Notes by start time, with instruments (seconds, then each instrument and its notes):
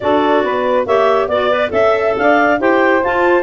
0.00 tuba D4, clarinet F#4 D5, saxophone A4
0.43 tuba B3, saxophone B4
0.86 tuba A#3, clarinet G4 E5, saxophone C#5
1.27 tuba B3, clarinet F#4 D5, saxophone D5
1.50 clarinet B4
1.71 tuba C#4, clarinet A4 E5, saxophone E5
2.17 tuba D4, saxophone D5, clarinet F5
2.59 tuba E4, clarinet G4 G5, saxophone C5
3.04 clarinet F4 A5, tuba F4